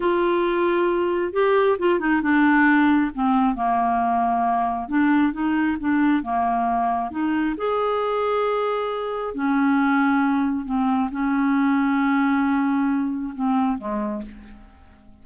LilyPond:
\new Staff \with { instrumentName = "clarinet" } { \time 4/4 \tempo 4 = 135 f'2. g'4 | f'8 dis'8 d'2 c'4 | ais2. d'4 | dis'4 d'4 ais2 |
dis'4 gis'2.~ | gis'4 cis'2. | c'4 cis'2.~ | cis'2 c'4 gis4 | }